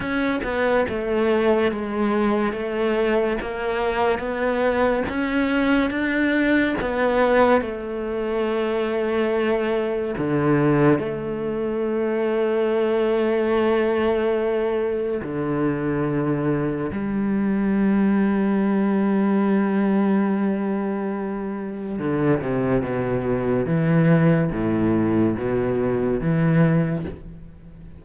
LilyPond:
\new Staff \with { instrumentName = "cello" } { \time 4/4 \tempo 4 = 71 cis'8 b8 a4 gis4 a4 | ais4 b4 cis'4 d'4 | b4 a2. | d4 a2.~ |
a2 d2 | g1~ | g2 d8 c8 b,4 | e4 a,4 b,4 e4 | }